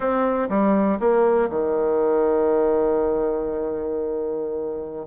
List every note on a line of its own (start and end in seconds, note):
0.00 0.48 C4
0.49 0.98 G3
0.99 1.49 A#3
1.49 5.06 D#3